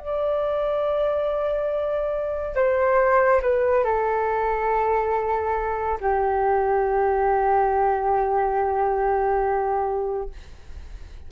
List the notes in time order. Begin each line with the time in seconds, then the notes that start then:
0.00 D5
2.56 C5
3.42 B4
3.85 A4
6.01 G4